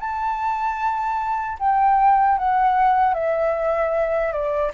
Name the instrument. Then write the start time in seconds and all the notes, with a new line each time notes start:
flute
0.00 A5
1.60 G5
2.39 F#5
3.14 E5
4.32 D5